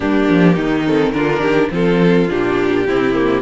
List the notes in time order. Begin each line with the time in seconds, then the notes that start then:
0.00 G3 A#3 D4 G4
0.28 F3
0.55 D#3 D#4
0.86 C4 A4
1.12 D3 D4 F4 A#4
1.40 D#3 G4
1.71 F3 C4 F4 A4
2.29 A#2 D4 G4
2.87 C3 C4 E4
3.13 A#3